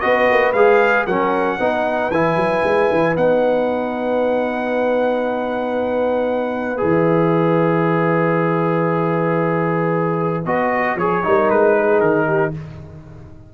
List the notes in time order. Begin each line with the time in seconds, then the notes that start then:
0.00 B3 F#4 B4 D#5
0.31 A#3
0.53 G#3 G#4 F5
1.06 F#3 C#4 A#4 F#5
1.59 B3 D#4 B4
2.10 E3 E4 G#5
2.36 F#3
2.63 G#3
2.92 E3
3.16 B3 D#4 F#5
6.77 E3 G#4 E5
10.45 B3 F#4 D#5
10.95 F3 G#4 C#5
11.23 G3 D#4 A#4
11.49 G#3 B4
11.78 G#4
12.00 D#3 A#4
12.27 G4